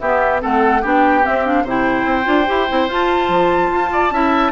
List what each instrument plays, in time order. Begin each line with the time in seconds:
0.00 bassoon B3, clarinet B3, oboe G4, flute E5
0.41 bassoon A3, clarinet C4, oboe A4, flute F#5
0.82 bassoon B3, clarinet D4, oboe G4, flute G5
1.23 clarinet C4, bassoon C4, flute E5
1.45 clarinet D4, flute F5
1.64 bassoon C3, clarinet E4, oboe C5, flute G5
2.06 bassoon C4
2.24 bassoon D4, clarinet F4
2.47 bassoon E4, clarinet G4
2.69 bassoon C4, clarinet E4
2.88 bassoon F4, clarinet F4, flute A5
3.29 bassoon F3
3.72 bassoon F4
3.93 oboe D5
4.11 bassoon C#4, clarinet E4, oboe E5